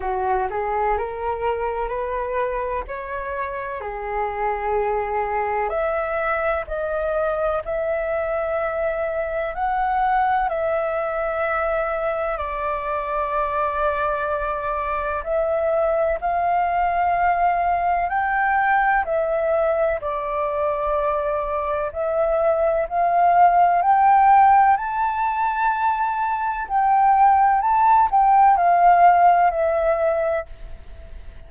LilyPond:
\new Staff \with { instrumentName = "flute" } { \time 4/4 \tempo 4 = 63 fis'8 gis'8 ais'4 b'4 cis''4 | gis'2 e''4 dis''4 | e''2 fis''4 e''4~ | e''4 d''2. |
e''4 f''2 g''4 | e''4 d''2 e''4 | f''4 g''4 a''2 | g''4 a''8 g''8 f''4 e''4 | }